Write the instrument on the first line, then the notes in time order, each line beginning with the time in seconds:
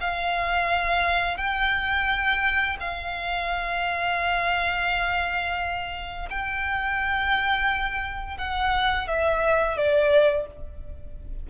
violin
0.00 F5
1.37 G5
2.79 F5
6.29 G5
8.37 F#5
9.07 E5
9.77 D5